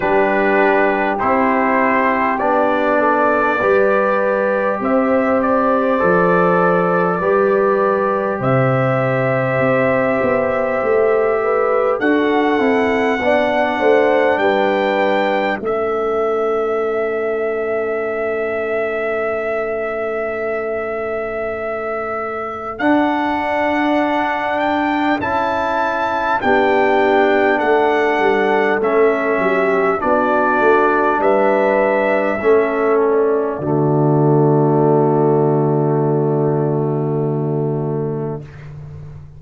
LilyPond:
<<
  \new Staff \with { instrumentName = "trumpet" } { \time 4/4 \tempo 4 = 50 b'4 c''4 d''2 | e''8 d''2~ d''8 e''4~ | e''2 fis''2 | g''4 e''2.~ |
e''2. fis''4~ | fis''8 g''8 a''4 g''4 fis''4 | e''4 d''4 e''4. d''8~ | d''1 | }
  \new Staff \with { instrumentName = "horn" } { \time 4/4 g'2~ g'8 a'8 b'4 | c''2 b'4 c''4~ | c''4. b'8 a'4 d''8 c''8 | b'4 a'2.~ |
a'1~ | a'2 g'4 a'4~ | a'8 g'8 fis'4 b'4 a'4 | fis'1 | }
  \new Staff \with { instrumentName = "trombone" } { \time 4/4 d'4 e'4 d'4 g'4~ | g'4 a'4 g'2~ | g'2 fis'8 e'8 d'4~ | d'4 cis'2.~ |
cis'2. d'4~ | d'4 e'4 d'2 | cis'4 d'2 cis'4 | a1 | }
  \new Staff \with { instrumentName = "tuba" } { \time 4/4 g4 c'4 b4 g4 | c'4 f4 g4 c4 | c'8 b8 a4 d'8 c'8 b8 a8 | g4 a2.~ |
a2. d'4~ | d'4 cis'4 b4 a8 g8 | a8 fis8 b8 a8 g4 a4 | d1 | }
>>